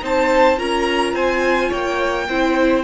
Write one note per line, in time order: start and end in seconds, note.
0.00 0.59 C4
0.00 0.57 D#4
0.00 0.59 C5
0.00 0.59 A5
0.57 1.14 C#4
0.57 2.27 F4
0.57 1.15 A#4
0.57 1.16 A#5
1.14 1.70 C4
1.14 1.69 C5
1.14 1.73 G#5
1.69 2.29 A#3
1.69 2.26 C#5
1.69 2.85 G5
2.29 2.85 C4
2.29 2.85 E4
2.29 2.85 C5